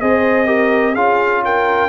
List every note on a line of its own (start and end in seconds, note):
0.00 0.95 C4
0.00 0.45 G#4
0.00 0.46 C5
0.00 0.94 D#5
0.45 0.93 G4
0.45 0.93 A#4
0.93 1.88 C#4
0.93 1.88 F4
0.93 1.41 G#4
0.93 1.42 F5
1.44 1.88 A#4
1.44 1.88 G5